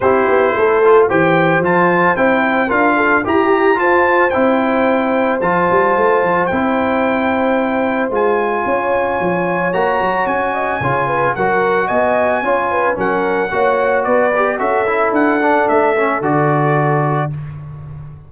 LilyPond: <<
  \new Staff \with { instrumentName = "trumpet" } { \time 4/4 \tempo 4 = 111 c''2 g''4 a''4 | g''4 f''4 ais''4 a''4 | g''2 a''2 | g''2. gis''4~ |
gis''2 ais''4 gis''4~ | gis''4 fis''4 gis''2 | fis''2 d''4 e''4 | fis''4 e''4 d''2 | }
  \new Staff \with { instrumentName = "horn" } { \time 4/4 g'4 a'4 c''2~ | c''4 ais'8 a'8 g'4 c''4~ | c''1~ | c''1 |
cis''2.~ cis''8 dis''8 | cis''8 b'8 ais'4 dis''4 cis''8 b'8 | ais'4 cis''4 b'4 a'4~ | a'1 | }
  \new Staff \with { instrumentName = "trombone" } { \time 4/4 e'4. f'8 g'4 f'4 | e'4 f'4 g'4 f'4 | e'2 f'2 | e'2. f'4~ |
f'2 fis'2 | f'4 fis'2 f'4 | cis'4 fis'4. g'8 fis'8 e'8~ | e'8 d'4 cis'8 fis'2 | }
  \new Staff \with { instrumentName = "tuba" } { \time 4/4 c'8 b8 a4 e4 f4 | c'4 d'4 e'4 f'4 | c'2 f8 g8 a8 f8 | c'2. gis4 |
cis'4 f4 ais8 fis8 cis'4 | cis4 fis4 b4 cis'4 | fis4 ais4 b4 cis'4 | d'4 a4 d2 | }
>>